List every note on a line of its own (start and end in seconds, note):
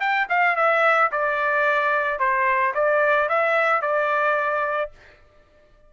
0.00 0.27 G5
0.30 0.56 F5
0.56 1.11 E5
1.12 2.19 D5
2.19 2.74 C5
2.75 3.29 D5
3.29 3.82 E5
3.82 4.91 D5